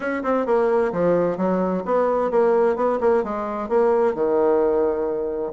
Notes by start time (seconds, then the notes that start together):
0.00 C#4
0.23 C4
0.46 A#3
0.92 F3
1.37 F#3
1.85 B3
2.31 A#3
2.76 B3
3.00 A#3
3.23 G#3
3.69 A#3
4.14 D#3